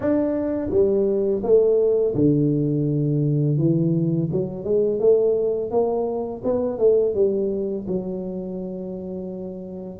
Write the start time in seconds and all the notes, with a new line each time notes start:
0.00 D4
0.70 G3
1.43 A3
2.14 D3
3.57 E3
4.31 F#3
4.64 G#3
4.99 A3
5.70 A#3
6.44 B3
6.78 A3
7.14 G3
7.87 F#3